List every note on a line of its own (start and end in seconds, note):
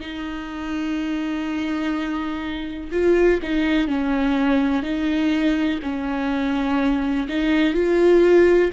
0.00 2.90 D#4
2.92 3.40 F4
3.43 3.88 D#4
3.88 4.83 C#4
4.83 5.80 D#4
5.82 7.28 C#4
7.29 7.74 D#4
7.74 8.71 F4